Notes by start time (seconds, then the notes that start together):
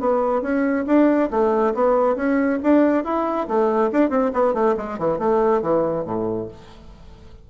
0.00 B3
0.42 C#4
0.87 D4
1.31 A3
1.74 B3
2.16 C#4
2.64 D4
3.05 E4
3.48 A3
3.93 D4
4.10 C4
4.34 B3
4.54 A3
4.77 G#3
4.99 E3
5.19 A3
5.62 E3
6.05 A2